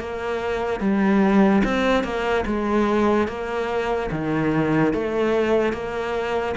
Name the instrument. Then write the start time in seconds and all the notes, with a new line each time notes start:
cello
0.00 A#3
0.81 G3
1.64 C4
2.04 A#3
2.46 G#3
3.28 A#3
4.12 D#3
4.94 A3
5.73 A#3